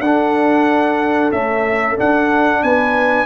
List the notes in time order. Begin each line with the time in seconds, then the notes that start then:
0.00 D4 A4 F#5
1.32 A3 C#4 E5
1.96 D4 F#5
2.63 B3 B4 G#5